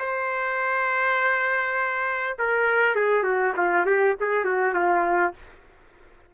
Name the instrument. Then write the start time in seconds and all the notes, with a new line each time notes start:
trumpet
0.00 C5
2.39 A#4
2.96 G#4
3.24 F#4
3.57 F4
3.86 G4
4.21 G#4
4.45 F#4
4.75 F4